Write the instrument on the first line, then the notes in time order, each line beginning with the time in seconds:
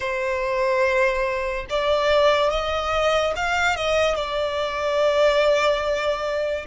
violin
0.00 C5
1.69 D5
2.50 D#5
3.36 F5
3.76 D#5
4.15 D5